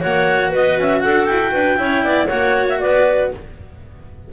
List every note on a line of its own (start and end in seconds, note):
0.00 0.54 A#3
0.00 1.76 F#4
0.00 0.49 C#5
0.00 0.52 F#5
0.49 0.78 B3
0.49 1.00 B4
0.49 0.79 D#5
0.78 1.03 C#4
0.78 1.00 E5
1.00 1.29 D4
1.00 1.52 A4
1.00 1.24 F#5
1.24 1.54 E4
1.24 2.25 G5
1.52 1.79 D4
1.52 1.77 B4
1.76 2.04 C#4
1.76 2.27 E4
1.76 2.04 C#5
2.04 2.29 B3
2.04 2.27 D5
2.27 2.82 A#3
2.27 3.30 F#4
2.27 2.77 C#5
2.27 2.66 F#5
2.68 2.79 E5
2.79 3.32 B3
2.79 3.31 B4
2.79 3.29 D5